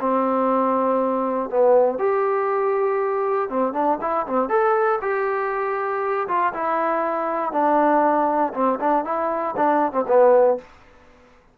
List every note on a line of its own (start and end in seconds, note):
0.00 1.50 C4
1.50 1.98 B3
1.98 3.49 G4
3.49 3.73 C4
3.73 3.98 D4
4.01 4.26 E4
4.27 4.49 C4
4.49 5.00 A4
5.01 6.27 G4
6.28 6.53 F4
6.53 7.52 E4
7.52 8.53 D4
8.54 8.79 C4
8.80 9.04 D4
9.04 9.55 E4
9.57 9.92 D4
9.92 10.05 C4
10.07 10.58 B3